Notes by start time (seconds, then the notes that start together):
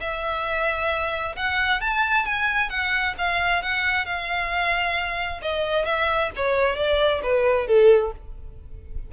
0.00 E5
1.36 F#5
1.80 A5
2.25 G#5
2.69 F#5
3.17 F5
3.62 F#5
4.05 F5
5.42 D#5
5.85 E5
6.36 C#5
6.75 D5
7.23 B4
7.67 A4